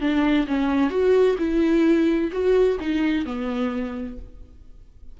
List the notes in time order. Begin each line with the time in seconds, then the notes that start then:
0.00 D4
0.47 C#4
0.90 F#4
1.38 E4
2.32 F#4
2.80 D#4
3.26 B3